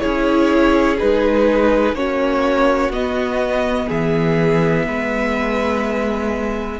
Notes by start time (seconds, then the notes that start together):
0.00 C#4 E4 G#4 C#5
0.99 G#3 D#4 B4
1.94 A#3 C#4 F#4 C#5
2.89 B3 D#5
3.87 E3 G#4 E5
4.87 G#3 B4